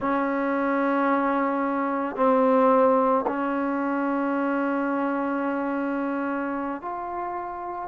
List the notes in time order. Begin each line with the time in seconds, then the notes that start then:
0.00 C#4
2.16 C4
3.27 C#4
6.81 F4